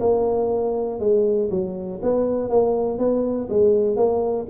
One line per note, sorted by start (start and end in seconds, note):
0.00 1.00 A#3
1.00 1.50 G#3
1.51 2.01 F#3
2.02 2.50 B3
2.50 2.98 A#3
2.98 3.48 B3
3.50 3.97 G#3
3.97 4.47 A#3